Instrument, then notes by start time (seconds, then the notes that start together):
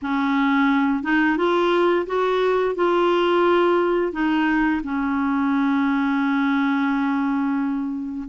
clarinet
0.02 C#4
1.03 D#4
1.37 F4
2.06 F#4
2.75 F4
4.12 D#4
4.83 C#4